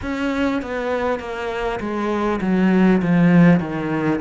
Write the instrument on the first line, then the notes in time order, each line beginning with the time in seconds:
cello
0.02 C#4
0.62 B3
1.19 A#3
1.80 G#3
2.41 F#3
3.02 F3
3.60 D#3